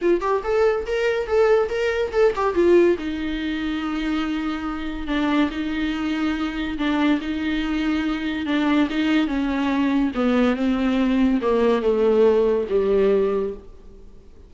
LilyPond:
\new Staff \with { instrumentName = "viola" } { \time 4/4 \tempo 4 = 142 f'8 g'8 a'4 ais'4 a'4 | ais'4 a'8 g'8 f'4 dis'4~ | dis'1 | d'4 dis'2. |
d'4 dis'2. | d'4 dis'4 cis'2 | b4 c'2 ais4 | a2 g2 | }